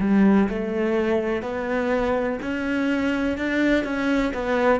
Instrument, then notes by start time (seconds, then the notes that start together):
cello
0.00 G3
0.49 A3
1.42 B3
2.42 C#4
3.38 D4
3.84 C#4
4.34 B3